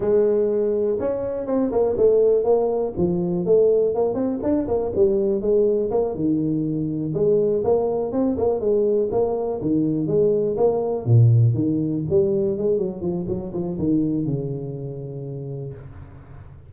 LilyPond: \new Staff \with { instrumentName = "tuba" } { \time 4/4 \tempo 4 = 122 gis2 cis'4 c'8 ais8 | a4 ais4 f4 a4 | ais8 c'8 d'8 ais8 g4 gis4 | ais8 dis2 gis4 ais8~ |
ais8 c'8 ais8 gis4 ais4 dis8~ | dis8 gis4 ais4 ais,4 dis8~ | dis8 g4 gis8 fis8 f8 fis8 f8 | dis4 cis2. | }